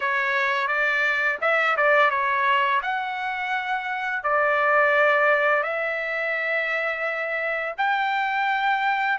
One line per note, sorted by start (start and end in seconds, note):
0.00 0.67 C#5
0.67 1.38 D5
1.41 1.76 E5
1.76 2.10 D5
2.10 2.81 C#5
2.82 4.23 F#5
4.23 5.63 D5
5.63 7.75 E5
7.77 9.18 G5